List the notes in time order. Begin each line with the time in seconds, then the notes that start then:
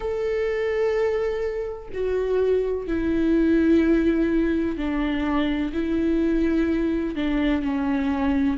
0.00 A4
1.93 F#4
2.87 E4
4.77 D4
5.73 E4
7.15 D4
7.62 C#4